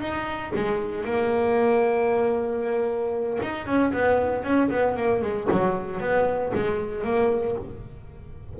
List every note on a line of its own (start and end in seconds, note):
0.00 0.52 D#4
0.55 1.04 G#3
1.04 3.39 A#3
3.42 3.66 D#4
3.66 3.92 C#4
3.92 4.44 B3
4.44 4.70 C#4
4.70 4.96 B3
4.96 5.22 A#3
5.22 5.48 G#3
5.51 6.00 F#3
6.00 6.52 B3
6.54 7.04 G#3
7.04 7.56 A#3